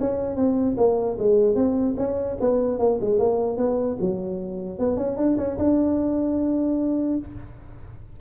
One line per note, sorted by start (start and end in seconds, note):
0.00 0.36 C#4
0.36 0.76 C4
0.77 1.17 A#3
1.19 1.55 G#3
1.55 1.95 C4
1.97 2.37 C#4
2.41 2.79 B3
2.79 2.99 A#3
3.01 3.19 G#3
3.19 3.57 A#3
3.57 3.97 B3
4.00 4.79 F#3
4.79 4.97 B3
4.97 5.17 C#4
5.17 5.37 D4
5.38 5.58 C#4
5.58 7.18 D4